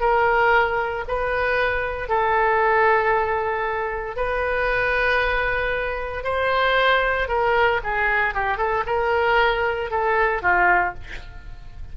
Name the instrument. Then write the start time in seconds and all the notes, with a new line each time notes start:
oboe
0.00 A#4
1.07 B4
2.08 A4
4.16 B4
6.24 C5
7.28 A#4
7.83 G#4
8.34 G4
8.57 A4
8.86 A#4
9.90 A4
10.42 F4